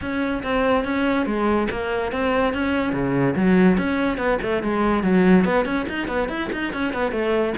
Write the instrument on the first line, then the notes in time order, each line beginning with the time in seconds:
cello
0.01 C#4
0.43 C4
0.84 C#4
1.25 G#3
1.70 A#3
2.12 C4
2.53 C#4
2.92 C#3
3.35 F#3
3.77 C#4
4.17 B3
4.42 A3
4.62 G#3
5.03 F#3
5.45 B3
5.65 C#4
5.88 D#4
6.07 B3
6.29 E4
6.52 D#4
6.73 C#4
6.93 B3
7.11 A3